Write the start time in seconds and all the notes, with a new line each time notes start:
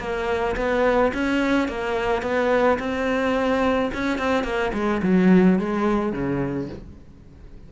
0.00 A#3
0.57 B3
1.14 C#4
1.68 A#3
2.23 B3
2.79 C4
3.94 C#4
4.19 C4
4.44 A#3
4.74 G#3
5.03 F#3
5.59 G#3
6.13 C#3